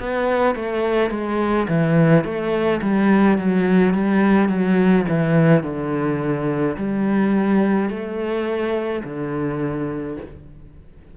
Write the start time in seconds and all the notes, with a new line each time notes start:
0.00 B3
0.56 A3
1.11 G#3
1.68 E3
2.25 A3
2.82 G3
3.38 F#3
3.94 G3
4.49 F#3
5.09 E3
5.63 D3
6.77 G3
7.90 A3
9.04 D3